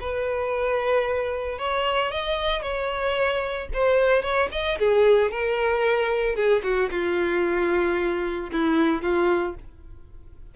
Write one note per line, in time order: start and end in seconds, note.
0.00 1.58 B4
1.58 2.11 C#5
2.11 2.62 D#5
2.62 3.68 C#5
3.73 4.22 C5
4.22 4.49 C#5
4.52 4.78 D#5
4.79 5.31 G#4
5.31 6.35 A#4
6.35 6.62 G#4
6.63 6.90 F#4
6.91 8.50 F4
8.52 9.02 E4
9.02 9.55 F4